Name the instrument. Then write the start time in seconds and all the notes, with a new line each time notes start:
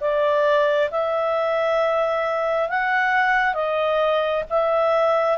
clarinet
0.00 D5
0.91 E5
2.69 F#5
3.54 D#5
4.49 E5